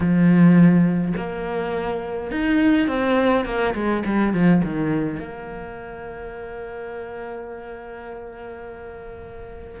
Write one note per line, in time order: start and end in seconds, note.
0.00 1.13 F3
1.16 2.31 A#3
2.31 2.87 D#4
2.87 3.45 C4
3.45 3.74 A#3
3.74 4.03 G#3
4.05 4.33 G3
4.33 4.62 F3
4.63 5.19 D#3
5.19 9.80 A#3